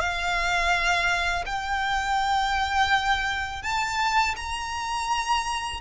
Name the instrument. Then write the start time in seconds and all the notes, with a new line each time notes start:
violin
0.00 F5
1.46 G5
3.63 A5
4.36 A#5